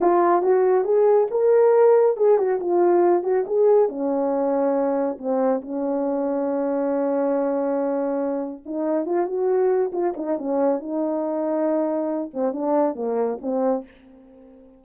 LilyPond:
\new Staff \with { instrumentName = "horn" } { \time 4/4 \tempo 4 = 139 f'4 fis'4 gis'4 ais'4~ | ais'4 gis'8 fis'8 f'4. fis'8 | gis'4 cis'2. | c'4 cis'2.~ |
cis'1 | dis'4 f'8 fis'4. f'8 dis'8 | cis'4 dis'2.~ | dis'8 c'8 d'4 ais4 c'4 | }